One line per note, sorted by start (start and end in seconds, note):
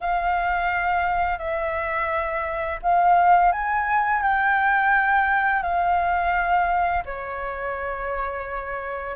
0.01 1.38 F5
1.38 2.79 E5
2.82 3.52 F5
3.52 4.22 G#5
4.22 5.62 G5
5.62 7.03 F5
7.05 9.16 C#5